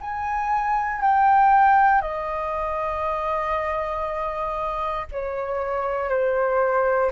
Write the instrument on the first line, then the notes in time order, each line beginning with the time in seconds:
flute
0.00 G#5
1.01 G5
2.01 D#5
5.12 C#5
6.09 C5